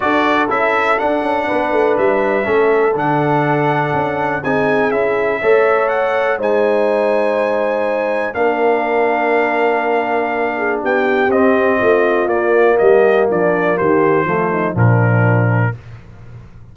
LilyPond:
<<
  \new Staff \with { instrumentName = "trumpet" } { \time 4/4 \tempo 4 = 122 d''4 e''4 fis''2 | e''2 fis''2~ | fis''4 gis''4 e''2 | fis''4 gis''2.~ |
gis''4 f''2.~ | f''2 g''4 dis''4~ | dis''4 d''4 dis''4 d''4 | c''2 ais'2 | }
  \new Staff \with { instrumentName = "horn" } { \time 4/4 a'2. b'4~ | b'4 a'2.~ | a'4 gis'2 cis''4~ | cis''4 c''2.~ |
c''4 ais'2.~ | ais'4. gis'8 g'2 | f'2 g'4 d'4 | g'4 f'8 dis'8 d'2 | }
  \new Staff \with { instrumentName = "trombone" } { \time 4/4 fis'4 e'4 d'2~ | d'4 cis'4 d'2~ | d'4 dis'4 e'4 a'4~ | a'4 dis'2.~ |
dis'4 d'2.~ | d'2. c'4~ | c'4 ais2.~ | ais4 a4 f2 | }
  \new Staff \with { instrumentName = "tuba" } { \time 4/4 d'4 cis'4 d'8 cis'8 b8 a8 | g4 a4 d2 | cis'4 c'4 cis'4 a4~ | a4 gis2.~ |
gis4 ais2.~ | ais2 b4 c'4 | a4 ais4 g4 f4 | dis4 f4 ais,2 | }
>>